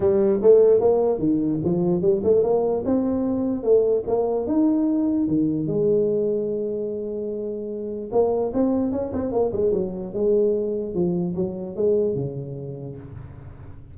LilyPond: \new Staff \with { instrumentName = "tuba" } { \time 4/4 \tempo 4 = 148 g4 a4 ais4 dis4 | f4 g8 a8 ais4 c'4~ | c'4 a4 ais4 dis'4~ | dis'4 dis4 gis2~ |
gis1 | ais4 c'4 cis'8 c'8 ais8 gis8 | fis4 gis2 f4 | fis4 gis4 cis2 | }